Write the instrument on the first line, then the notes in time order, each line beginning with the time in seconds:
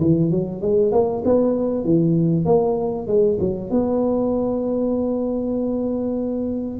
tuba
0.00 E3
0.31 F#3
0.62 G#3
0.92 A#3
1.25 B3
1.84 E3
2.45 A#3
3.07 G#3
3.40 F#3
3.70 B3